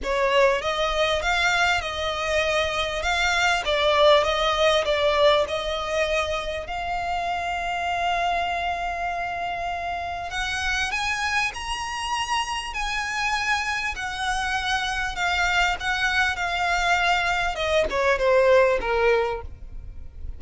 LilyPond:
\new Staff \with { instrumentName = "violin" } { \time 4/4 \tempo 4 = 99 cis''4 dis''4 f''4 dis''4~ | dis''4 f''4 d''4 dis''4 | d''4 dis''2 f''4~ | f''1~ |
f''4 fis''4 gis''4 ais''4~ | ais''4 gis''2 fis''4~ | fis''4 f''4 fis''4 f''4~ | f''4 dis''8 cis''8 c''4 ais'4 | }